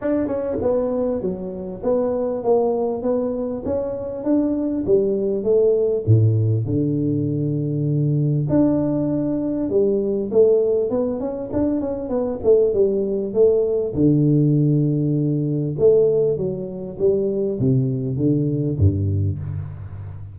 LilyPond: \new Staff \with { instrumentName = "tuba" } { \time 4/4 \tempo 4 = 99 d'8 cis'8 b4 fis4 b4 | ais4 b4 cis'4 d'4 | g4 a4 a,4 d4~ | d2 d'2 |
g4 a4 b8 cis'8 d'8 cis'8 | b8 a8 g4 a4 d4~ | d2 a4 fis4 | g4 c4 d4 g,4 | }